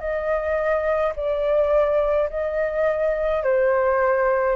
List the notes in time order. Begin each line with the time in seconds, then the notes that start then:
0.00 D#5
1.16 D5
2.30 D#5
3.43 C5